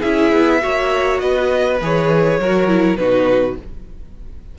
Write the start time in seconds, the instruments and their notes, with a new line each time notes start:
0.00 cello C#4, viola E4, violin G#4 E5
0.32 cello B3
0.61 cello A#3, viola F#4, violin C#5
1.19 cello B3, violin B4 D#5
1.81 cello E3, viola G#4, violin C#5
2.39 cello F#3, viola F#4, violin A#4
2.68 viola E4
2.96 cello B2, viola D#4, violin F#4 B4